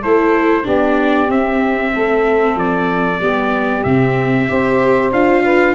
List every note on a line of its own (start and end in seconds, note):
0.00 0.66 A3
0.00 0.64 E4
0.00 0.63 A4
0.00 0.67 C5
0.63 1.28 B3
0.63 1.28 D4
0.63 1.91 G4
0.63 1.31 D5
1.28 1.92 C4
1.28 3.20 C4
1.28 2.59 E5
1.94 2.56 A3
1.94 3.21 A4
2.56 3.19 F3
2.56 3.84 D5
3.20 3.84 G3
3.20 3.85 B3
3.20 4.50 G4
3.84 4.49 C3
3.84 4.48 C4
3.84 5.11 E5
4.48 5.12 C4
4.48 5.12 G4
4.48 5.43 C5
5.12 5.75 D4
5.12 5.75 F4
5.12 5.75 F5
5.43 5.75 B4